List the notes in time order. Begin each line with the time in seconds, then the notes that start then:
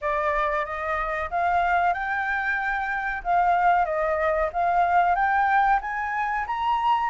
0.01 D5
0.65 D#5
1.30 F5
1.93 G5
3.23 F5
3.85 D#5
4.52 F5
5.15 G5
5.81 G#5
6.46 A#5